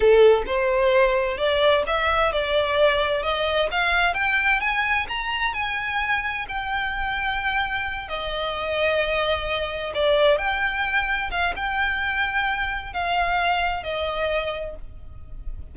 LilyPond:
\new Staff \with { instrumentName = "violin" } { \time 4/4 \tempo 4 = 130 a'4 c''2 d''4 | e''4 d''2 dis''4 | f''4 g''4 gis''4 ais''4 | gis''2 g''2~ |
g''4. dis''2~ dis''8~ | dis''4. d''4 g''4.~ | g''8 f''8 g''2. | f''2 dis''2 | }